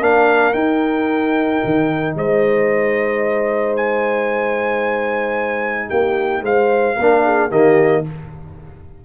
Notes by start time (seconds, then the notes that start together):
0.00 A#3 D4 A#4 F5
0.53 D#4 G5
1.64 D#3
2.15 G#3 C5 D#5
3.76 G#5
5.89 A#3 G4 G5
6.41 G#3 C5 F5
6.96 A#3 D4 A#4
7.24 G#4
7.49 D#3 A#3 G4 D#5